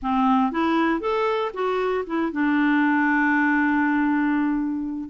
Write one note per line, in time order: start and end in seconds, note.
0.02 0.51 C4
0.51 1.00 E4
1.00 1.51 A4
1.53 2.05 F#4
2.06 2.31 E4
2.31 5.09 D4